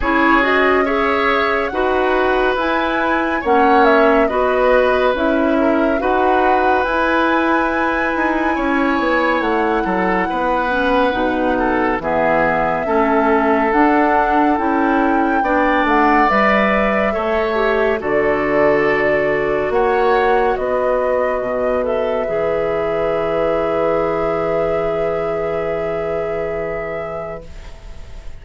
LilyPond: <<
  \new Staff \with { instrumentName = "flute" } { \time 4/4 \tempo 4 = 70 cis''8 dis''8 e''4 fis''4 gis''4 | fis''8 e''8 dis''4 e''4 fis''4 | gis''2. fis''4~ | fis''2 e''2 |
fis''4 g''4. fis''8 e''4~ | e''4 d''2 fis''4 | dis''4. e''2~ e''8~ | e''1 | }
  \new Staff \with { instrumentName = "oboe" } { \time 4/4 gis'4 cis''4 b'2 | cis''4 b'4. ais'8 b'4~ | b'2 cis''4. a'8 | b'4. a'8 gis'4 a'4~ |
a'2 d''2 | cis''4 a'2 cis''4 | b'1~ | b'1 | }
  \new Staff \with { instrumentName = "clarinet" } { \time 4/4 e'8 fis'8 gis'4 fis'4 e'4 | cis'4 fis'4 e'4 fis'4 | e'1~ | e'8 cis'8 dis'4 b4 cis'4 |
d'4 e'4 d'4 b'4 | a'8 g'8 fis'2.~ | fis'4. a'8 gis'2~ | gis'1 | }
  \new Staff \with { instrumentName = "bassoon" } { \time 4/4 cis'2 dis'4 e'4 | ais4 b4 cis'4 dis'4 | e'4. dis'8 cis'8 b8 a8 fis8 | b4 b,4 e4 a4 |
d'4 cis'4 b8 a8 g4 | a4 d2 ais4 | b4 b,4 e2~ | e1 | }
>>